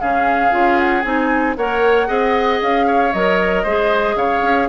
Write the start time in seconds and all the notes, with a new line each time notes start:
0.00 C#3 C#4 G#4 F5
0.51 C#4 F4
0.79 F#5
1.02 C4 D#4 G#5
1.57 A#3 A#4 C#5 F#5
2.07 C4 G#4 D#5
2.61 C#4 F5
2.87 C#5
3.13 F#3 A#4 D#5
3.63 G#3 G#4 C5
4.15 C#3 C#5 F5
4.42 C#4